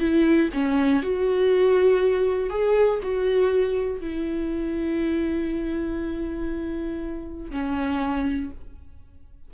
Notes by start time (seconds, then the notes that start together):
0.00 E4
0.54 C#4
1.03 F#4
2.50 G#4
3.03 F#4
4.01 E4
7.51 C#4